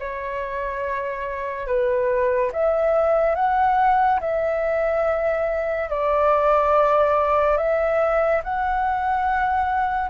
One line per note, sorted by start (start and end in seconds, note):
0.00 1.67 C#5
1.67 2.51 B4
2.53 3.35 E5
3.35 4.20 F#5
4.21 5.90 E5
5.90 7.57 D5
7.57 8.42 E5
8.44 10.09 F#5